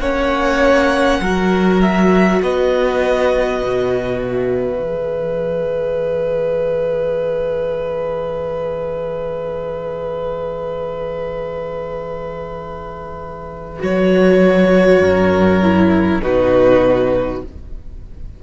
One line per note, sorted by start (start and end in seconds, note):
0.00 1.20 A#3
0.00 1.23 C#4
0.00 1.21 C#5
0.00 1.81 F#5
1.21 2.41 F#3
1.21 4.83 F#4
1.21 2.42 A#4
1.82 2.42 E5
2.43 3.62 B3
2.43 15.02 B4
2.43 4.23 D#5
3.64 4.80 B2
4.23 13.83 E5
4.80 13.80 E3
4.80 13.80 G#4
13.80 15.01 F#3
13.80 15.60 F#4
13.80 16.23 C#5
15.01 16.21 F#2
15.01 16.22 A#4
15.63 16.23 E4
16.23 17.43 B2
16.23 17.43 D#4
16.23 17.43 F#4
16.23 17.43 B4